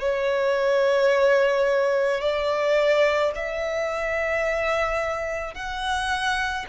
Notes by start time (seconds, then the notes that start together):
0.00 C#5
2.21 D5
3.35 E5
5.54 F#5